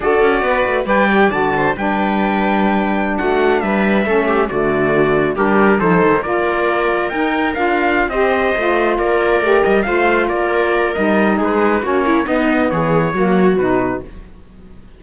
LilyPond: <<
  \new Staff \with { instrumentName = "trumpet" } { \time 4/4 \tempo 4 = 137 d''2 g''4 a''4 | g''2.~ g''16 fis''8.~ | fis''16 e''2 d''4.~ d''16~ | d''16 ais'4 c''4 d''4.~ d''16~ |
d''16 g''4 f''4~ f''16 dis''4.~ | dis''8 d''4. dis''8 f''4 d''8~ | d''4 dis''4 b'4 cis''4 | dis''4 cis''2 b'4 | }
  \new Staff \with { instrumentName = "viola" } { \time 4/4 a'4 b'4 d''4. c''8 | b'2.~ b'16 fis'8.~ | fis'16 b'4 a'8 g'8 fis'4.~ fis'16~ | fis'16 g'4 a'4 ais'4.~ ais'16~ |
ais'2~ ais'8 c''4.~ | c''8 ais'2 c''4 ais'8~ | ais'2 gis'4 fis'8 e'8 | dis'4 gis'4 fis'2 | }
  \new Staff \with { instrumentName = "saxophone" } { \time 4/4 fis'2 b'8 g'8 fis'4 | d'1~ | d'4~ d'16 cis'4 a4.~ a16~ | a16 d'4 dis'4 f'4.~ f'16~ |
f'16 dis'4 f'4~ f'16 g'4 f'8~ | f'4. g'4 f'4.~ | f'4 dis'2 cis'4 | b2 ais4 dis'4 | }
  \new Staff \with { instrumentName = "cello" } { \time 4/4 d'8 cis'8 b8 a8 g4 d4 | g2.~ g16 a8.~ | a16 g4 a4 d4.~ d16~ | d16 g4 f8 dis8 ais4.~ ais16~ |
ais16 dis'4 d'4~ d'16 c'4 a8~ | a8 ais4 a8 g8 a4 ais8~ | ais4 g4 gis4 ais4 | b4 e4 fis4 b,4 | }
>>